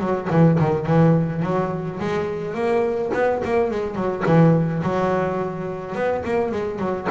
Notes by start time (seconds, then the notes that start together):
0.00 F#3
0.31 E3
0.59 D#3
0.86 E3
1.43 F#3
2.00 G#3
2.55 A#3
3.14 B3
3.45 A#3
3.71 G#3
3.95 F#3
4.26 E3
4.83 F#3
5.96 B3
6.24 A#3
6.52 G#3
6.80 F#3